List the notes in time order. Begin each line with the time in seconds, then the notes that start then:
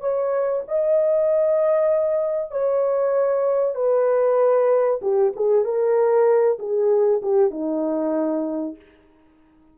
0.00 C#5
0.68 D#5
2.51 C#5
3.75 B4
5.01 G4
5.36 G#4
5.64 A#4
6.59 G#4
7.22 G4
7.51 D#4